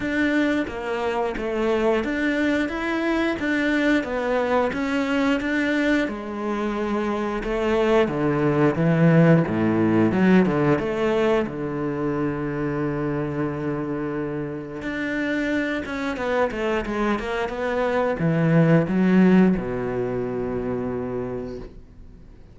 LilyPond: \new Staff \with { instrumentName = "cello" } { \time 4/4 \tempo 4 = 89 d'4 ais4 a4 d'4 | e'4 d'4 b4 cis'4 | d'4 gis2 a4 | d4 e4 a,4 fis8 d8 |
a4 d2.~ | d2 d'4. cis'8 | b8 a8 gis8 ais8 b4 e4 | fis4 b,2. | }